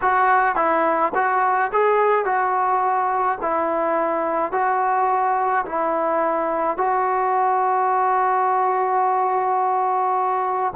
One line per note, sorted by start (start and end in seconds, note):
0.01 0.55 F#4
0.55 1.12 E4
1.14 1.71 F#4
1.72 2.25 G#4
2.25 3.38 F#4
3.41 4.52 E4
4.52 5.65 F#4
5.65 6.77 E4
6.77 10.73 F#4